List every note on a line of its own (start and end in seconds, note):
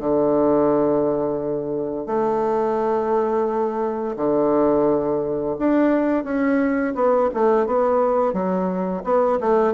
0.00 2.07 D3
2.07 4.16 A3
4.17 5.56 D3
5.59 6.24 D4
6.24 6.94 C#4
6.95 7.30 B3
7.34 7.66 A3
7.66 8.33 B3
8.33 9.03 F#3
9.04 9.39 B3
9.41 9.74 A3